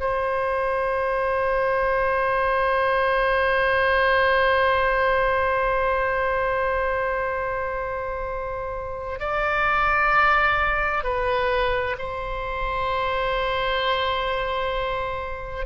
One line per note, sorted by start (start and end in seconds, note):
0.00 9.19 C5
9.19 11.03 D5
11.03 11.96 B4
11.98 15.66 C5